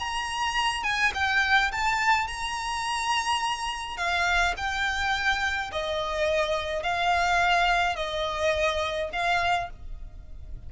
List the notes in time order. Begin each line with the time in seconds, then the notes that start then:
0.00 A#5
0.84 G#5
1.15 G5
1.72 A5
2.28 A#5
3.97 F5
4.57 G5
5.72 D#5
6.83 F5
7.96 D#5
9.13 F5